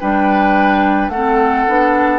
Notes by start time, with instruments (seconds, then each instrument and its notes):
0.00 bassoon G3, clarinet D4, oboe B4, flute G5
1.09 bassoon A3, oboe A4, flute F#5
1.15 clarinet C4
1.68 bassoon B3, clarinet D4